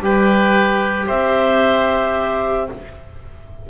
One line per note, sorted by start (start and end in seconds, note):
0.00 1.07 G3
0.00 2.70 G4
0.00 1.07 B4
0.00 1.09 G5
1.07 2.69 C4
1.07 2.67 C5
1.07 2.69 E5